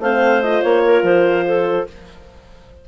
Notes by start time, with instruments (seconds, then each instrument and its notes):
0.00 bassoon A3, horn C4, clarinet C5 F5
0.42 horn F4, clarinet D#5
0.62 bassoon A#3, clarinet C#5
0.85 clarinet A#4
1.03 bassoon F3, clarinet C5
1.46 clarinet A4